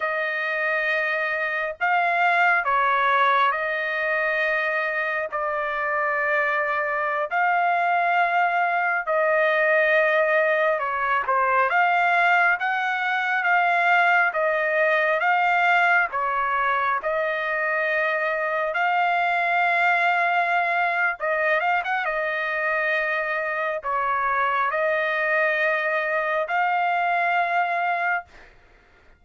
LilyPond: \new Staff \with { instrumentName = "trumpet" } { \time 4/4 \tempo 4 = 68 dis''2 f''4 cis''4 | dis''2 d''2~ | d''16 f''2 dis''4.~ dis''16~ | dis''16 cis''8 c''8 f''4 fis''4 f''8.~ |
f''16 dis''4 f''4 cis''4 dis''8.~ | dis''4~ dis''16 f''2~ f''8. | dis''8 f''16 fis''16 dis''2 cis''4 | dis''2 f''2 | }